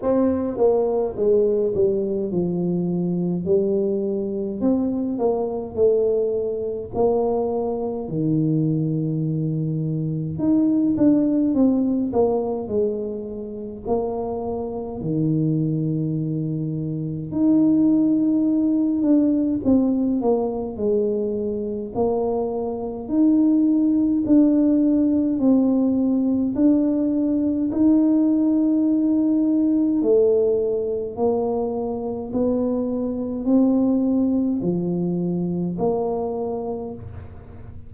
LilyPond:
\new Staff \with { instrumentName = "tuba" } { \time 4/4 \tempo 4 = 52 c'8 ais8 gis8 g8 f4 g4 | c'8 ais8 a4 ais4 dis4~ | dis4 dis'8 d'8 c'8 ais8 gis4 | ais4 dis2 dis'4~ |
dis'8 d'8 c'8 ais8 gis4 ais4 | dis'4 d'4 c'4 d'4 | dis'2 a4 ais4 | b4 c'4 f4 ais4 | }